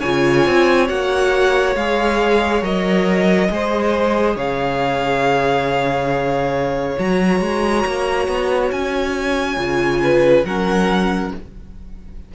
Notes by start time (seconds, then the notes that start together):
0.00 C#3 F4 C#5 G#5
0.47 C4
0.88 A#3 F#4 F#5
1.76 G#3 G#4 F5
2.62 F#3 A#4 D#5
3.50 G#3 G#4 C5
4.36 C#3 C#5 F5
6.99 F#3 F#4 A#5
7.41 G#3
7.87 A#3
8.28 B3
8.72 C#4 G#5
9.57 C#3 F4
10.04 B4
10.45 F#3 C#4 A#4 F#5